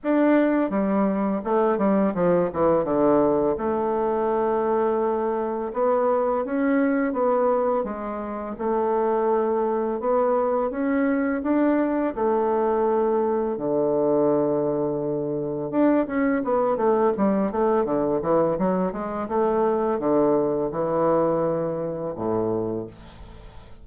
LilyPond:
\new Staff \with { instrumentName = "bassoon" } { \time 4/4 \tempo 4 = 84 d'4 g4 a8 g8 f8 e8 | d4 a2. | b4 cis'4 b4 gis4 | a2 b4 cis'4 |
d'4 a2 d4~ | d2 d'8 cis'8 b8 a8 | g8 a8 d8 e8 fis8 gis8 a4 | d4 e2 a,4 | }